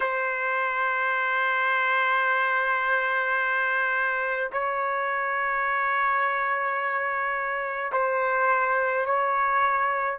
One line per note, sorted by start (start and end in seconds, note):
0.00 4.50 C5
4.52 7.92 C#5
7.92 9.05 C5
9.05 10.18 C#5